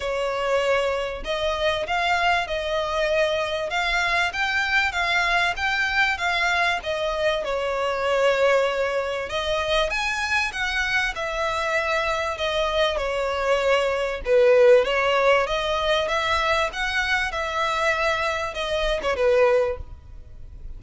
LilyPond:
\new Staff \with { instrumentName = "violin" } { \time 4/4 \tempo 4 = 97 cis''2 dis''4 f''4 | dis''2 f''4 g''4 | f''4 g''4 f''4 dis''4 | cis''2. dis''4 |
gis''4 fis''4 e''2 | dis''4 cis''2 b'4 | cis''4 dis''4 e''4 fis''4 | e''2 dis''8. cis''16 b'4 | }